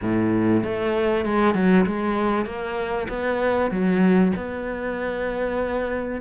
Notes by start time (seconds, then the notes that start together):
0.01 A2
0.63 A3
1.25 G#3
1.54 F#3
1.86 G#3
2.45 A#3
3.08 B3
3.70 F#3
4.36 B3